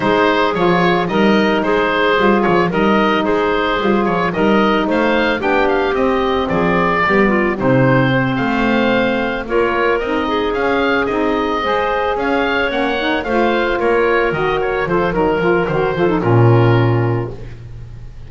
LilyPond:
<<
  \new Staff \with { instrumentName = "oboe" } { \time 4/4 \tempo 4 = 111 c''4 cis''4 dis''4 c''4~ | c''8 cis''8 dis''4 c''4. cis''8 | dis''4 f''4 g''8 f''8 dis''4 | d''2 c''4. f''8~ |
f''4. cis''4 dis''4 f''8~ | f''8 dis''2 f''4 fis''8~ | fis''8 f''4 cis''4 dis''8 cis''8 c''8 | ais'4 c''4 ais'2 | }
  \new Staff \with { instrumentName = "clarinet" } { \time 4/4 gis'2 ais'4 gis'4~ | gis'4 ais'4 gis'2 | ais'4 c''4 g'2 | gis'4 g'8 f'8 dis'4 c''4~ |
c''4. ais'4. gis'4~ | gis'4. c''4 cis''4.~ | cis''8 c''4 ais'2 a'8 | ais'4. a'8 f'2 | }
  \new Staff \with { instrumentName = "saxophone" } { \time 4/4 dis'4 f'4 dis'2 | f'4 dis'2 f'4 | dis'2 d'4 c'4~ | c'4 b4 c'2~ |
c'4. f'4 dis'4 cis'8~ | cis'8 dis'4 gis'2 cis'8 | dis'8 f'2 fis'4 f'8 | dis'8 f'8 fis'8 f'16 dis'16 cis'2 | }
  \new Staff \with { instrumentName = "double bass" } { \time 4/4 gis4 f4 g4 gis4 | g8 f8 g4 gis4 g8 f8 | g4 a4 b4 c'4 | f4 g4 c4. a8~ |
a4. ais4 c'4 cis'8~ | cis'8 c'4 gis4 cis'4 ais8~ | ais8 a4 ais4 dis4 f8 | fis8 f8 dis8 f8 ais,2 | }
>>